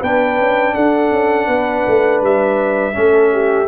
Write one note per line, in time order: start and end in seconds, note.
0.00 0.38 B3
0.00 2.93 D4
0.00 0.73 B4
0.00 0.74 G5
0.38 0.75 C#4
0.74 1.11 D4
0.74 1.47 A4
0.74 2.21 F#5
1.11 1.47 C#4
1.47 1.84 B3
1.47 2.93 B4
1.87 2.21 A3
2.21 2.95 G3
2.21 3.68 E5
2.93 3.68 A3
2.93 3.66 C#4
2.93 3.33 A4
3.33 3.68 G4